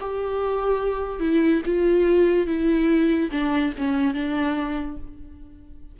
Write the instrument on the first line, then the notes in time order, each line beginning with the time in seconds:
viola
0.00 G4
1.20 E4
1.65 F4
2.47 E4
3.31 D4
3.78 C#4
4.14 D4